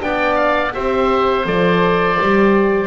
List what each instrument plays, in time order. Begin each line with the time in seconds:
0.00 double bass B3, horn D4, oboe D5 G5
0.36 oboe F5
0.73 double bass C4, horn G4, oboe C5 E5
1.45 double bass F3, horn A4, oboe D5
2.18 double bass G3, horn G4